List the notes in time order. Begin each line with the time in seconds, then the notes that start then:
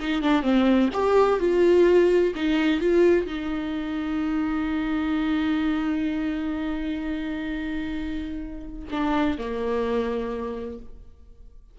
0.00 D#4
0.22 D4
0.42 C4
0.93 G4
1.40 F4
2.35 D#4
2.80 F4
3.26 D#4
8.91 D4
9.38 A#3